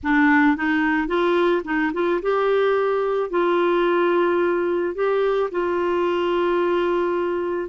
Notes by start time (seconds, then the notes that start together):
0.03 D4
0.56 D#4
1.07 F4
1.64 D#4
1.93 F4
2.21 G4
3.30 F4
4.94 G4
5.51 F4